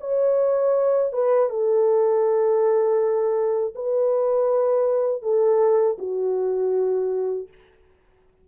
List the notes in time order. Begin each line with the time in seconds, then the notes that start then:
0.00 C#5
1.12 B4
1.49 A4
3.75 B4
5.22 A4
5.98 F#4